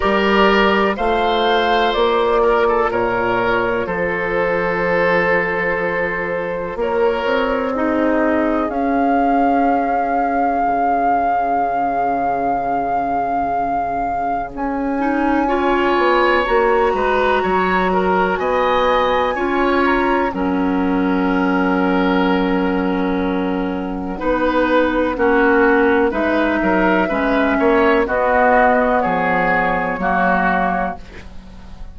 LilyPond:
<<
  \new Staff \with { instrumentName = "flute" } { \time 4/4 \tempo 4 = 62 d''4 f''4 d''4 cis''4 | c''2. cis''4 | dis''4 f''2.~ | f''2. gis''4~ |
gis''4 ais''2 gis''4~ | gis''8 ais''8 fis''2.~ | fis''2. e''4~ | e''4 dis''4 cis''2 | }
  \new Staff \with { instrumentName = "oboe" } { \time 4/4 ais'4 c''4. ais'16 a'16 ais'4 | a'2. ais'4 | gis'1~ | gis'1 |
cis''4. b'8 cis''8 ais'8 dis''4 | cis''4 ais'2.~ | ais'4 b'4 fis'4 b'8 ais'8 | b'8 cis''8 fis'4 gis'4 fis'4 | }
  \new Staff \with { instrumentName = "clarinet" } { \time 4/4 g'4 f'2.~ | f'1 | dis'4 cis'2.~ | cis'2.~ cis'8 dis'8 |
f'4 fis'2. | f'4 cis'2.~ | cis'4 dis'4 cis'4 dis'4 | cis'4 b2 ais4 | }
  \new Staff \with { instrumentName = "bassoon" } { \time 4/4 g4 a4 ais4 ais,4 | f2. ais8 c'8~ | c'4 cis'2 cis4~ | cis2. cis'4~ |
cis'8 b8 ais8 gis8 fis4 b4 | cis'4 fis2.~ | fis4 b4 ais4 gis8 fis8 | gis8 ais8 b4 f4 fis4 | }
>>